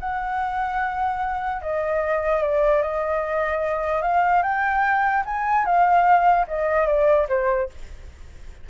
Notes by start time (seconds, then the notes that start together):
0.00 F#5
1.62 D#5
2.42 D5
2.82 D#5
4.02 F5
4.43 G5
5.26 G#5
5.65 F5
6.48 D#5
6.87 D5
7.29 C5